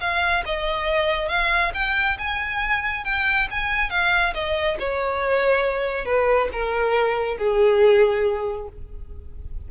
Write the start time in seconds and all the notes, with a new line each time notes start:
0.00 F5
0.46 D#5
1.28 F5
1.74 G5
2.18 G#5
3.04 G5
3.51 G#5
3.90 F5
4.34 D#5
4.79 C#5
6.05 B4
6.52 A#4
7.38 G#4